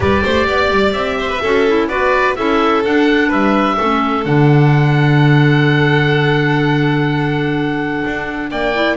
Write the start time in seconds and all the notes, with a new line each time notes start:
0.00 G3 G4 B4 D5
0.23 A3 C5
0.46 B3 D5
0.70 G3
0.92 C4 E5
1.18 C5
1.29 B4
1.41 C#4 F#4 A4
1.68 E4
1.88 B3 F#4 B4 D5
2.35 C#4 E4 A4 E5
2.84 D4 F#5
3.28 G3 B4 E5
3.77 A3 C#4 A4
4.24 D3 D4 F#5
8.05 D4
8.50 A#3 D5 G5
8.74 E4